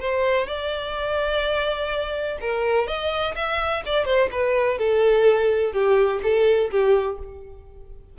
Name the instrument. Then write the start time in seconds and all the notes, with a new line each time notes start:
violin
0.00 C5
0.47 D5
2.41 A#4
2.87 D#5
3.35 E5
3.85 D5
4.05 C5
4.32 B4
4.78 A4
5.73 G4
6.23 A4
6.71 G4